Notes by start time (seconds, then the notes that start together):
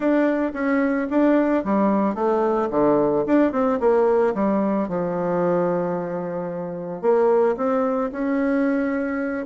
0.00 D4
0.53 C#4
1.10 D4
1.64 G3
2.14 A3
2.70 D3
3.26 D4
3.52 C4
3.80 A#3
4.34 G3
4.88 F3
7.01 A#3
7.57 C4
8.12 C#4